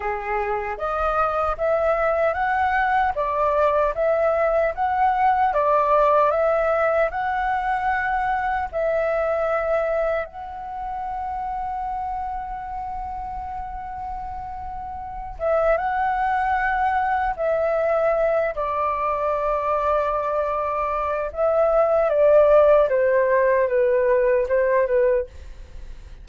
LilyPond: \new Staff \with { instrumentName = "flute" } { \time 4/4 \tempo 4 = 76 gis'4 dis''4 e''4 fis''4 | d''4 e''4 fis''4 d''4 | e''4 fis''2 e''4~ | e''4 fis''2.~ |
fis''2.~ fis''8 e''8 | fis''2 e''4. d''8~ | d''2. e''4 | d''4 c''4 b'4 c''8 b'8 | }